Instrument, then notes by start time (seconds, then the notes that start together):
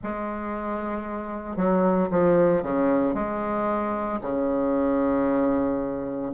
bassoon
0.02 G#3
1.56 F#3
2.11 F3
2.63 C#3
3.14 G#3
4.21 C#3